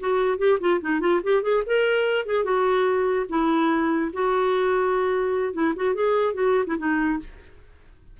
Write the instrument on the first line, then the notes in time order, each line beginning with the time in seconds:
clarinet
0.00 F#4
0.38 G4
0.60 F4
0.81 D#4
1.00 F4
1.23 G4
1.43 G#4
1.66 A#4
2.26 G#4
2.44 F#4
3.29 E4
4.13 F#4
5.53 E4
5.76 F#4
5.94 G#4
6.34 F#4
6.67 E4
6.78 D#4